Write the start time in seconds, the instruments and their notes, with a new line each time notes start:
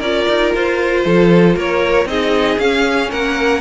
0.00 cello C#4, viola F4, violin A#4 D5
0.29 cello D#4
0.55 cello F4, violin C5
1.06 cello F3, violin A4
1.56 cello A#3, violin A#4 C#5
2.06 cello C4, viola D#4, violin G#4 D#5
2.59 cello C#4, viola C#4, violin F5
3.11 cello A#3, violin A#4 F#5